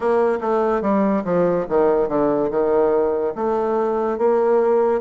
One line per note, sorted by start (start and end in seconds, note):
0.00 0.39 A#3
0.40 0.81 A3
0.81 1.23 G3
1.24 1.66 F3
1.69 2.08 D#3
2.08 2.50 D3
2.50 3.33 D#3
3.35 4.17 A3
4.17 5.00 A#3